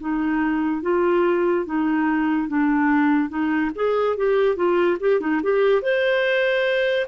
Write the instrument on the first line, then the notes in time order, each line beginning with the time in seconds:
clarinet
0.00 D#4
0.83 F4
1.66 D#4
2.48 D4
3.29 D#4
3.75 G#4
4.17 G4
4.56 F4
5.00 G4
5.21 D#4
5.43 G4
5.82 C5